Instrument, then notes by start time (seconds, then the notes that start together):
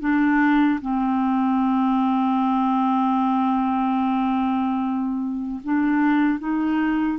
clarinet
0.00 D4
0.81 C4
5.64 D4
6.39 D#4